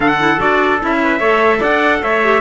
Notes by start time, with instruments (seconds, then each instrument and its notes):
0.00 cello D3, clarinet D4, trumpet A4 F#5
0.19 clarinet E4
0.38 cello D4, clarinet F#4, trumpet D5
0.80 cello C#4, clarinet E4, trumpet E5
1.03 trumpet B4
1.19 cello A3, clarinet A4, trumpet C#5
1.59 cello D4, trumpet D5 F#5
2.02 cello A3, trumpet C#5 E5
2.22 clarinet G4